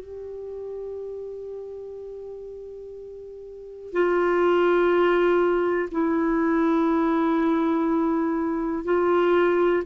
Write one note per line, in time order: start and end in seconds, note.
0.00 3.93 G4
3.93 5.90 F4
5.92 8.85 E4
8.85 9.83 F4